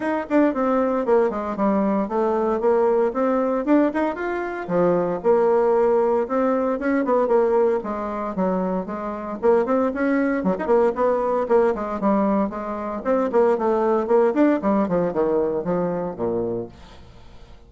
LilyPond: \new Staff \with { instrumentName = "bassoon" } { \time 4/4 \tempo 4 = 115 dis'8 d'8 c'4 ais8 gis8 g4 | a4 ais4 c'4 d'8 dis'8 | f'4 f4 ais2 | c'4 cis'8 b8 ais4 gis4 |
fis4 gis4 ais8 c'8 cis'4 | fis16 dis'16 ais8 b4 ais8 gis8 g4 | gis4 c'8 ais8 a4 ais8 d'8 | g8 f8 dis4 f4 ais,4 | }